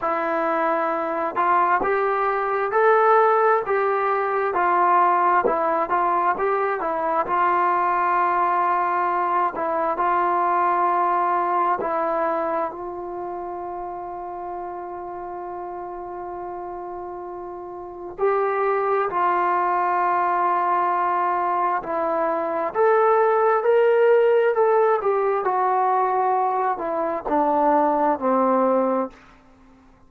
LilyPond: \new Staff \with { instrumentName = "trombone" } { \time 4/4 \tempo 4 = 66 e'4. f'8 g'4 a'4 | g'4 f'4 e'8 f'8 g'8 e'8 | f'2~ f'8 e'8 f'4~ | f'4 e'4 f'2~ |
f'1 | g'4 f'2. | e'4 a'4 ais'4 a'8 g'8 | fis'4. e'8 d'4 c'4 | }